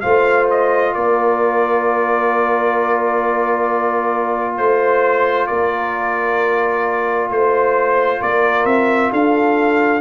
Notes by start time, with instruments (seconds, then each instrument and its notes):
0.00 tuba A3, trombone F4, horn C5, trumpet F5
0.50 trumpet D#5
0.94 tuba A#3, horn A#4, trumpet D5
4.57 tuba A3, trumpet C5, horn C5
5.47 tuba A#3, horn A#4, trumpet D5
7.29 tuba A3, trumpet C5, horn C5
8.20 tuba A#3, horn A#4, trumpet D5
8.65 tuba C4, trumpet E5
9.11 tuba D4, horn A4, trumpet F5